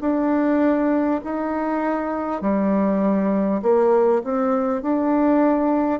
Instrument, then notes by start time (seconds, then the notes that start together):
bassoon
0.00 D4
1.24 D#4
2.41 G3
3.62 A#3
4.24 C4
4.82 D4